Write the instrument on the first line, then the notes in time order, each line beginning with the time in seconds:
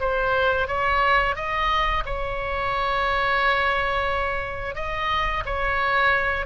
oboe
0.00 C5
0.68 C#5
1.36 D#5
2.05 C#5
4.75 D#5
5.46 C#5